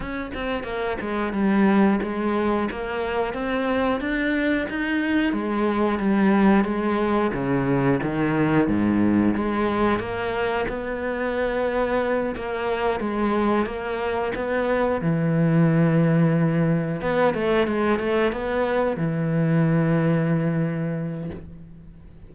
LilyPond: \new Staff \with { instrumentName = "cello" } { \time 4/4 \tempo 4 = 90 cis'8 c'8 ais8 gis8 g4 gis4 | ais4 c'4 d'4 dis'4 | gis4 g4 gis4 cis4 | dis4 gis,4 gis4 ais4 |
b2~ b8 ais4 gis8~ | gis8 ais4 b4 e4.~ | e4. b8 a8 gis8 a8 b8~ | b8 e2.~ e8 | }